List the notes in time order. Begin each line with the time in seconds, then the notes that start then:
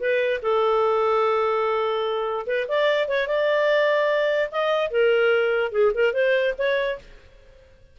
0.00 B4
0.42 A4
2.47 B4
2.68 D5
3.08 C#5
3.27 D5
4.52 D#5
4.90 A#4
5.72 G#4
5.94 A#4
6.14 C5
6.58 C#5